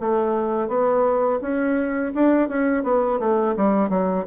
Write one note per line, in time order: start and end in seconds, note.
0.00 0.69 A3
0.69 1.40 B3
1.41 2.13 C#4
2.15 2.49 D4
2.49 2.84 C#4
2.84 3.19 B3
3.19 3.55 A3
3.57 3.90 G3
3.90 4.25 F#3